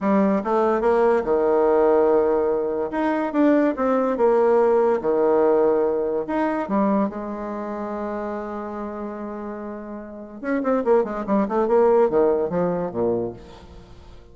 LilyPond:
\new Staff \with { instrumentName = "bassoon" } { \time 4/4 \tempo 4 = 144 g4 a4 ais4 dis4~ | dis2. dis'4 | d'4 c'4 ais2 | dis2. dis'4 |
g4 gis2.~ | gis1~ | gis4 cis'8 c'8 ais8 gis8 g8 a8 | ais4 dis4 f4 ais,4 | }